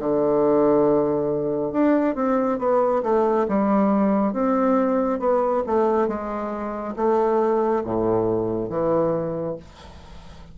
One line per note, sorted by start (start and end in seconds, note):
0.00 1.73 D3
1.73 2.15 D4
2.15 2.59 C4
2.59 3.03 B3
3.04 3.47 A3
3.49 4.34 G3
4.34 5.20 C4
5.20 5.63 B3
5.67 6.08 A3
6.08 6.95 G#3
6.96 7.83 A3
7.85 8.70 A2
8.70 9.57 E3